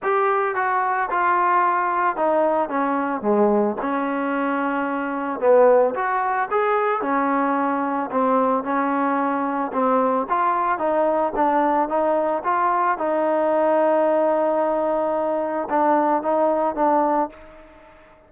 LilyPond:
\new Staff \with { instrumentName = "trombone" } { \time 4/4 \tempo 4 = 111 g'4 fis'4 f'2 | dis'4 cis'4 gis4 cis'4~ | cis'2 b4 fis'4 | gis'4 cis'2 c'4 |
cis'2 c'4 f'4 | dis'4 d'4 dis'4 f'4 | dis'1~ | dis'4 d'4 dis'4 d'4 | }